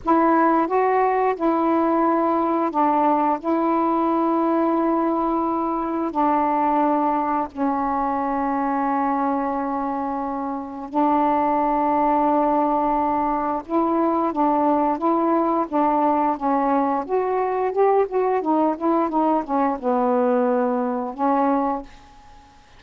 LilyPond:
\new Staff \with { instrumentName = "saxophone" } { \time 4/4 \tempo 4 = 88 e'4 fis'4 e'2 | d'4 e'2.~ | e'4 d'2 cis'4~ | cis'1 |
d'1 | e'4 d'4 e'4 d'4 | cis'4 fis'4 g'8 fis'8 dis'8 e'8 | dis'8 cis'8 b2 cis'4 | }